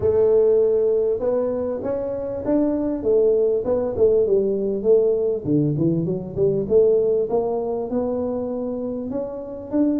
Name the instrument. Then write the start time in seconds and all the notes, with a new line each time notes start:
tuba
0.00 A3
1.19 B3
1.83 C#4
2.45 D4
3.02 A3
3.64 B3
3.96 A3
4.26 G3
4.83 A3
5.44 D3
5.77 E3
6.05 F#3
6.36 G3
6.68 A3
7.29 A#3
7.90 B3
9.10 C#4
9.70 D4